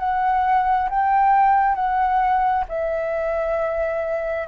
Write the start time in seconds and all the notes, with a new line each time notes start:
0.00 F#5
0.90 G5
1.75 F#5
2.69 E5